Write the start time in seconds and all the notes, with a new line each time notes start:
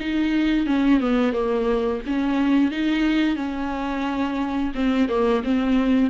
0.00 D#4
0.66 C#4
1.00 B3
1.33 A#3
2.06 C#4
2.71 D#4
3.36 C#4
4.75 C4
5.09 A#3
5.44 C4